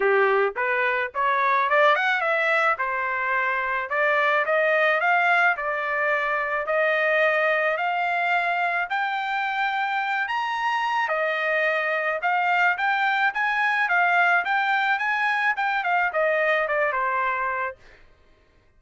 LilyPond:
\new Staff \with { instrumentName = "trumpet" } { \time 4/4 \tempo 4 = 108 g'4 b'4 cis''4 d''8 fis''8 | e''4 c''2 d''4 | dis''4 f''4 d''2 | dis''2 f''2 |
g''2~ g''8 ais''4. | dis''2 f''4 g''4 | gis''4 f''4 g''4 gis''4 | g''8 f''8 dis''4 d''8 c''4. | }